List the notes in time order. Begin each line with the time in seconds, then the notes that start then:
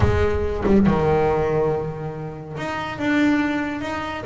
0.00 G#3
0.66 G3
0.86 D#3
2.57 D#4
2.98 D4
3.81 D#4